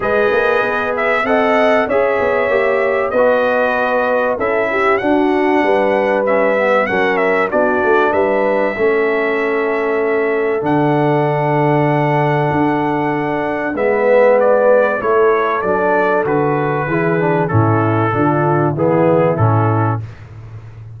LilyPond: <<
  \new Staff \with { instrumentName = "trumpet" } { \time 4/4 \tempo 4 = 96 dis''4. e''8 fis''4 e''4~ | e''4 dis''2 e''4 | fis''2 e''4 fis''8 e''8 | d''4 e''2.~ |
e''4 fis''2.~ | fis''2 e''4 d''4 | cis''4 d''4 b'2 | a'2 gis'4 a'4 | }
  \new Staff \with { instrumentName = "horn" } { \time 4/4 b'2 dis''4 cis''4~ | cis''4 b'2 a'8 g'8 | fis'4 b'2 ais'4 | fis'4 b'4 a'2~ |
a'1~ | a'2 b'2 | a'2. gis'4 | e'4 f'4 e'2 | }
  \new Staff \with { instrumentName = "trombone" } { \time 4/4 gis'2 a'4 gis'4 | g'4 fis'2 e'4 | d'2 cis'8 b8 cis'4 | d'2 cis'2~ |
cis'4 d'2.~ | d'2 b2 | e'4 d'4 fis'4 e'8 d'8 | cis'4 d'4 b4 cis'4 | }
  \new Staff \with { instrumentName = "tuba" } { \time 4/4 gis8 ais8 b4 c'4 cis'8 b8 | ais4 b2 cis'4 | d'4 g2 fis4 | b8 a8 g4 a2~ |
a4 d2. | d'2 gis2 | a4 fis4 d4 e4 | a,4 d4 e4 a,4 | }
>>